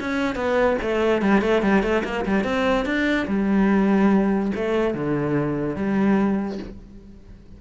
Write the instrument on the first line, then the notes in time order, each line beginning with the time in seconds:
cello
0.00 C#4
0.35 B3
0.81 A3
1.22 G3
1.41 A3
1.62 G3
1.82 A3
2.04 A#3
2.25 G3
2.44 C4
2.85 D4
3.27 G3
4.55 A3
4.94 D3
5.76 G3